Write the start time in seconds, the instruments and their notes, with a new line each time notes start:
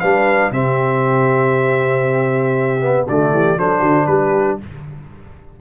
0.00 tuba G3, trombone D4, horn B4, trumpet F5
0.51 tuba C3, trombone C4, horn G4, trumpet E5
2.80 trombone B3
3.07 tuba D3, trombone A3, horn F#4, trumpet D5
3.32 tuba E3, horn G4
3.58 tuba F#3, trombone D4, horn A4, trumpet C5
3.79 tuba D3, horn F#4
4.06 tuba G3, horn G4, trumpet B4